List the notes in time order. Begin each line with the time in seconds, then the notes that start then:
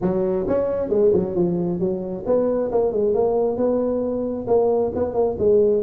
0.01 F#3
0.47 C#4
0.89 G#3
1.13 F#3
1.35 F3
1.79 F#3
2.26 B3
2.71 A#3
2.92 G#3
3.14 A#3
3.57 B3
4.47 A#3
4.95 B3
5.14 A#3
5.38 G#3